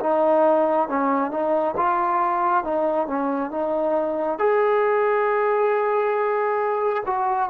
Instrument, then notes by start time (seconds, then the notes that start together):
trombone
0.00 D#4
0.88 C#4
1.31 D#4
1.77 F4
2.64 D#4
3.07 C#4
3.51 D#4
4.39 G#4
7.06 F#4